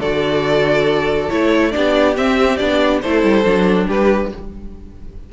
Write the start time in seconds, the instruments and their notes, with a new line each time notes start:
0.00 cello D3, viola F#4, violin A4 D5
1.30 cello A3, viola E4, violin C#5
1.72 cello B3, viola D4, violin G4 D5
2.17 viola C4, cello C4, violin E5
2.57 cello B3, viola D4, violin D5
3.02 cello A3, viola E4, violin A4 C5
3.24 cello G3
3.45 cello F#3, viola D4
3.87 cello G3, violin G4 B4